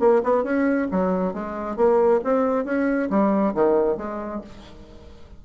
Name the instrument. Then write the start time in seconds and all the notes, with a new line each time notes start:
bassoon
0.00 A#3
0.24 B3
0.44 C#4
0.91 F#3
1.34 G#3
1.76 A#3
2.24 C4
2.65 C#4
3.10 G3
3.54 D#3
3.97 G#3